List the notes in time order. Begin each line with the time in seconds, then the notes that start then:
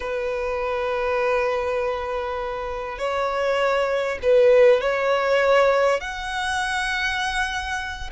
0.00 B4
2.98 C#5
4.22 B4
4.81 C#5
6.00 F#5